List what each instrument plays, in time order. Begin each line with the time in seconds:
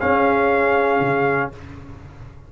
0.00 trombone C#4, tuba C#4, horn G#4, trumpet F5
1.00 tuba C#3